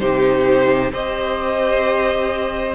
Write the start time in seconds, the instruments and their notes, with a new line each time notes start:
0.00 cello C3, viola D#4, violin G4 C5
0.92 cello C4, viola G4, violin C5 D#5